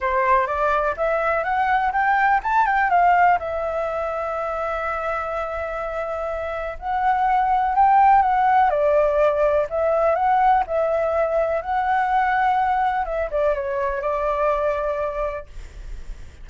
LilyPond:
\new Staff \with { instrumentName = "flute" } { \time 4/4 \tempo 4 = 124 c''4 d''4 e''4 fis''4 | g''4 a''8 g''8 f''4 e''4~ | e''1~ | e''2 fis''2 |
g''4 fis''4 d''2 | e''4 fis''4 e''2 | fis''2. e''8 d''8 | cis''4 d''2. | }